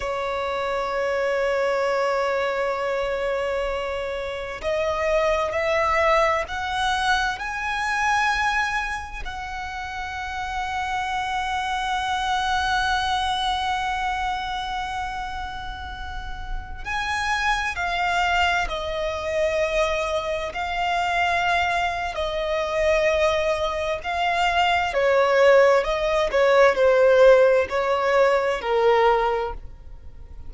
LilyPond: \new Staff \with { instrumentName = "violin" } { \time 4/4 \tempo 4 = 65 cis''1~ | cis''4 dis''4 e''4 fis''4 | gis''2 fis''2~ | fis''1~ |
fis''2~ fis''16 gis''4 f''8.~ | f''16 dis''2 f''4.~ f''16 | dis''2 f''4 cis''4 | dis''8 cis''8 c''4 cis''4 ais'4 | }